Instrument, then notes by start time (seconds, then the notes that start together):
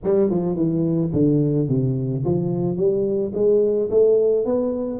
tuba
0.03 G3
0.30 F3
0.56 E3
1.12 D3
1.68 C3
2.24 F3
2.76 G3
3.34 G#3
3.90 A3
4.45 B3